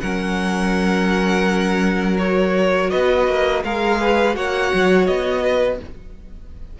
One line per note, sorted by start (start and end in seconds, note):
0.00 2.92 F#3
0.00 2.18 C#4
0.00 2.90 A#4
0.00 2.17 F#5
2.18 3.63 F#4
2.18 2.90 C#5
2.90 3.27 B3
2.90 3.63 B4
2.90 3.62 D#5
3.27 3.63 A#3
3.64 4.36 G#3
3.64 4.33 G#4
3.64 4.00 A#4
3.64 4.36 F5
4.00 4.36 B4
4.33 4.72 A#3
4.33 5.78 F#4
4.33 5.42 C#5
4.33 5.06 F#5
4.73 5.07 F#3
5.06 5.80 B3
5.06 5.78 D#5
5.42 5.78 B4